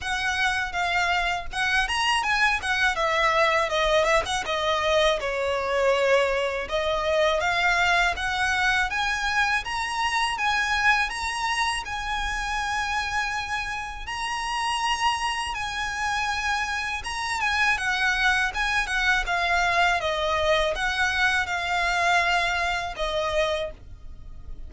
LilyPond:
\new Staff \with { instrumentName = "violin" } { \time 4/4 \tempo 4 = 81 fis''4 f''4 fis''8 ais''8 gis''8 fis''8 | e''4 dis''8 e''16 fis''16 dis''4 cis''4~ | cis''4 dis''4 f''4 fis''4 | gis''4 ais''4 gis''4 ais''4 |
gis''2. ais''4~ | ais''4 gis''2 ais''8 gis''8 | fis''4 gis''8 fis''8 f''4 dis''4 | fis''4 f''2 dis''4 | }